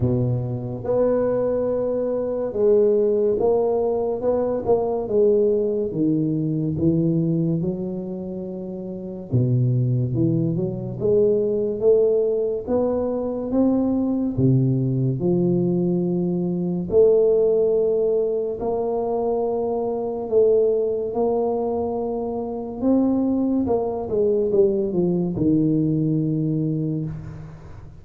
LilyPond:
\new Staff \with { instrumentName = "tuba" } { \time 4/4 \tempo 4 = 71 b,4 b2 gis4 | ais4 b8 ais8 gis4 dis4 | e4 fis2 b,4 | e8 fis8 gis4 a4 b4 |
c'4 c4 f2 | a2 ais2 | a4 ais2 c'4 | ais8 gis8 g8 f8 dis2 | }